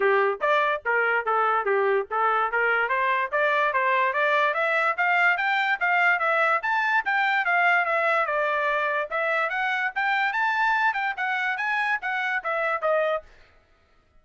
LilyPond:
\new Staff \with { instrumentName = "trumpet" } { \time 4/4 \tempo 4 = 145 g'4 d''4 ais'4 a'4 | g'4 a'4 ais'4 c''4 | d''4 c''4 d''4 e''4 | f''4 g''4 f''4 e''4 |
a''4 g''4 f''4 e''4 | d''2 e''4 fis''4 | g''4 a''4. g''8 fis''4 | gis''4 fis''4 e''4 dis''4 | }